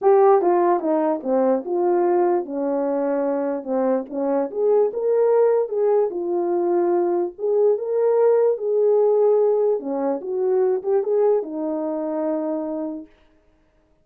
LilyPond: \new Staff \with { instrumentName = "horn" } { \time 4/4 \tempo 4 = 147 g'4 f'4 dis'4 c'4 | f'2 cis'2~ | cis'4 c'4 cis'4 gis'4 | ais'2 gis'4 f'4~ |
f'2 gis'4 ais'4~ | ais'4 gis'2. | cis'4 fis'4. g'8 gis'4 | dis'1 | }